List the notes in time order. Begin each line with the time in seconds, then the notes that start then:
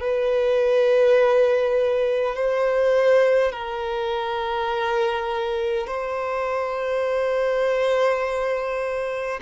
0.00 B4
2.35 C5
3.52 A#4
5.87 C5